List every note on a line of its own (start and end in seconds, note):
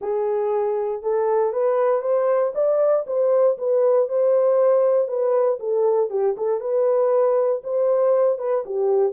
0.01 1.02 G#4
1.02 1.52 A4
1.52 2.01 B4
2.01 2.52 C5
2.54 3.05 D5
3.06 3.57 C5
3.58 4.09 B4
4.09 5.08 C5
5.08 5.58 B4
5.59 6.10 A4
6.10 6.35 G4
6.37 6.60 A4
6.60 7.62 B4
7.63 8.38 C5
8.38 8.63 B4
8.65 9.12 G4